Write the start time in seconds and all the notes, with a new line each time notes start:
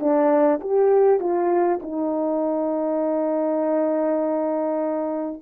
0.00 D4
0.61 G4
1.20 F4
1.83 D#4